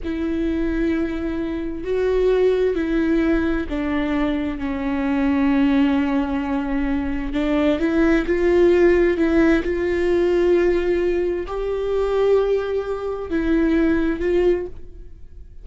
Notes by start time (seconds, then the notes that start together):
0.04 E4
1.84 F#4
2.75 E4
3.69 D4
4.58 C#4
7.33 D4
7.79 E4
8.26 F4
9.17 E4
9.63 F4
11.46 G4
13.30 E4
14.20 F4